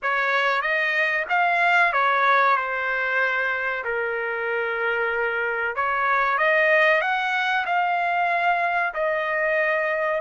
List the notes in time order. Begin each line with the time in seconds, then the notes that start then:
0.02 C#5
0.61 D#5
1.29 F5
1.92 C#5
2.56 C5
3.84 A#4
5.75 C#5
6.38 D#5
7.01 F#5
7.66 F5
8.94 D#5